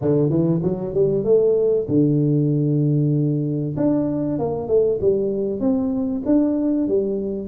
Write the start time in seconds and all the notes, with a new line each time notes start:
0.01 D3
0.29 E3
0.62 F#3
0.93 G3
1.24 A3
1.88 D3
3.76 D4
4.38 A#3
4.68 A3
5.01 G3
5.59 C4
6.25 D4
6.88 G3